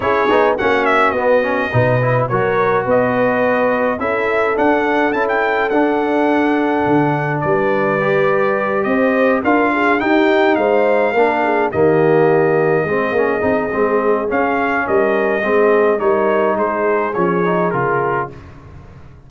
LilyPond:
<<
  \new Staff \with { instrumentName = "trumpet" } { \time 4/4 \tempo 4 = 105 cis''4 fis''8 e''8 dis''2 | cis''4 dis''2 e''4 | fis''4 a''16 g''8. fis''2~ | fis''4 d''2~ d''8 dis''8~ |
dis''8 f''4 g''4 f''4.~ | f''8 dis''2.~ dis''8~ | dis''4 f''4 dis''2 | cis''4 c''4 cis''4 ais'4 | }
  \new Staff \with { instrumentName = "horn" } { \time 4/4 gis'4 fis'2 b'4 | ais'4 b'2 a'4~ | a'1~ | a'4 b'2~ b'8 c''8~ |
c''8 ais'8 gis'8 g'4 c''4 ais'8 | gis'8 g'2 gis'4.~ | gis'2 ais'4 gis'4 | ais'4 gis'2. | }
  \new Staff \with { instrumentName = "trombone" } { \time 4/4 e'8 dis'8 cis'4 b8 cis'8 dis'8 e'8 | fis'2. e'4 | d'4 e'4 d'2~ | d'2 g'2~ |
g'8 f'4 dis'2 d'8~ | d'8 ais2 c'8 cis'8 dis'8 | c'4 cis'2 c'4 | dis'2 cis'8 dis'8 f'4 | }
  \new Staff \with { instrumentName = "tuba" } { \time 4/4 cis'8 b8 ais4 b4 b,4 | fis4 b2 cis'4 | d'4 cis'4 d'2 | d4 g2~ g8 c'8~ |
c'8 d'4 dis'4 gis4 ais8~ | ais8 dis2 gis8 ais8 c'8 | gis4 cis'4 g4 gis4 | g4 gis4 f4 cis4 | }
>>